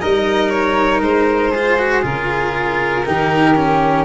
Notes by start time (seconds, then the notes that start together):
0.00 G3 D#4 A#4 D#5
0.50 C#5
1.01 G#3 C5
1.51 F4 G#4
1.78 F#4
2.02 C#3 F4 A#4
3.05 D#3 D#4 G4
3.55 C#4